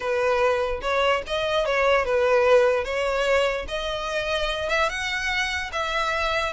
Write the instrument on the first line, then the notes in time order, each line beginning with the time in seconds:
violin
0.00 B4
0.81 C#5
1.26 D#5
1.65 C#5
2.05 B4
2.84 C#5
3.68 D#5
4.69 E5
4.89 F#5
5.72 E5